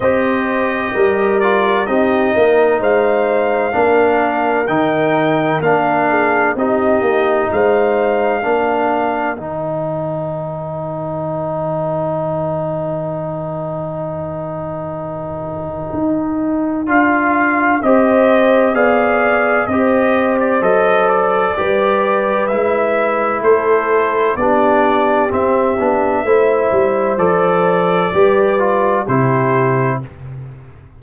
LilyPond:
<<
  \new Staff \with { instrumentName = "trumpet" } { \time 4/4 \tempo 4 = 64 dis''4. d''8 dis''4 f''4~ | f''4 g''4 f''4 dis''4 | f''2 g''2~ | g''1~ |
g''2 f''4 dis''4 | f''4 dis''8. d''16 dis''8 d''4. | e''4 c''4 d''4 e''4~ | e''4 d''2 c''4 | }
  \new Staff \with { instrumentName = "horn" } { \time 4/4 c''4 ais'4 g'8 ais'8 c''4 | ais'2~ ais'8 gis'8 g'4 | c''4 ais'2.~ | ais'1~ |
ais'2. c''4 | d''4 c''2 b'4~ | b'4 a'4 g'2 | c''2 b'4 g'4 | }
  \new Staff \with { instrumentName = "trombone" } { \time 4/4 g'4. f'8 dis'2 | d'4 dis'4 d'4 dis'4~ | dis'4 d'4 dis'2~ | dis'1~ |
dis'2 f'4 g'4 | gis'4 g'4 a'4 g'4 | e'2 d'4 c'8 d'8 | e'4 a'4 g'8 f'8 e'4 | }
  \new Staff \with { instrumentName = "tuba" } { \time 4/4 c'4 g4 c'8 ais8 gis4 | ais4 dis4 ais4 c'8 ais8 | gis4 ais4 dis2~ | dis1~ |
dis4 dis'4 d'4 c'4 | b4 c'4 fis4 g4 | gis4 a4 b4 c'8 b8 | a8 g8 f4 g4 c4 | }
>>